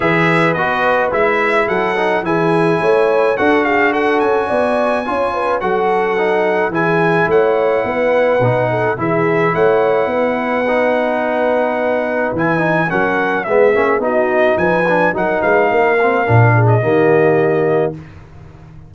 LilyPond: <<
  \new Staff \with { instrumentName = "trumpet" } { \time 4/4 \tempo 4 = 107 e''4 dis''4 e''4 fis''4 | gis''2 fis''8 f''8 fis''8 gis''8~ | gis''2 fis''2 | gis''4 fis''2. |
e''4 fis''2.~ | fis''2 gis''4 fis''4 | e''4 dis''4 gis''4 fis''8 f''8~ | f''4.~ f''16 dis''2~ dis''16 | }
  \new Staff \with { instrumentName = "horn" } { \time 4/4 b'2. a'4 | gis'4 cis''4 a'8 gis'8 a'4 | d''4 cis''8 b'8 a'2 | gis'4 cis''4 b'4. a'8 |
gis'4 cis''4 b'2~ | b'2. ais'4 | gis'4 fis'4 b'4 ais'8 b'8 | ais'4. gis'8 g'2 | }
  \new Staff \with { instrumentName = "trombone" } { \time 4/4 gis'4 fis'4 e'4. dis'8 | e'2 fis'2~ | fis'4 f'4 fis'4 dis'4 | e'2. dis'4 |
e'2. dis'4~ | dis'2 e'8 dis'8 cis'4 | b8 cis'8 dis'4. d'8 dis'4~ | dis'8 c'8 d'4 ais2 | }
  \new Staff \with { instrumentName = "tuba" } { \time 4/4 e4 b4 gis4 fis4 | e4 a4 d'4. cis'8 | b4 cis'4 fis2 | e4 a4 b4 b,4 |
e4 a4 b2~ | b2 e4 fis4 | gis8 ais8 b4 f4 fis8 gis8 | ais4 ais,4 dis2 | }
>>